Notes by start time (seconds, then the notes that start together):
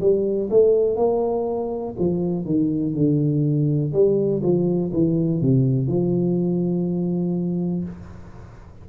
0.00 G3
0.50 A3
0.96 A#3
1.99 F3
2.45 D#3
2.94 D3
3.93 G3
4.43 F3
4.93 E3
5.41 C3
5.87 F3